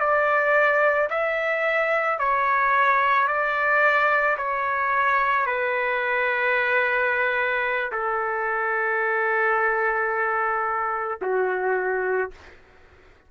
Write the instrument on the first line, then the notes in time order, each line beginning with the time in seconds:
trumpet
0.00 D5
1.10 E5
2.19 C#5
3.28 D5
4.37 C#5
5.46 B4
7.92 A4
11.22 F#4